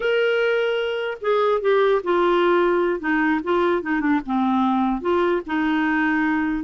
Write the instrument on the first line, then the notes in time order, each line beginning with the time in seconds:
clarinet
0.00 A#4
1.21 G#4
1.61 G4
2.03 F4
3.00 D#4
3.43 F4
3.82 D#4
4.00 D4
4.26 C4
5.01 F4
5.46 D#4